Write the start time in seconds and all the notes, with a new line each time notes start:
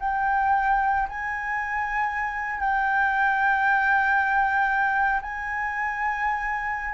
0.00 G5
1.09 G#5
2.60 G5
5.22 G#5